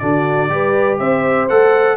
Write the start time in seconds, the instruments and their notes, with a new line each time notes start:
0.00 tuba D3, trombone D4, horn F#4, trumpet D5
0.50 tuba G3, trombone G4, horn B4
0.99 tuba C4, horn C5, trumpet E5
1.49 tuba A3, trombone A4, trumpet F#5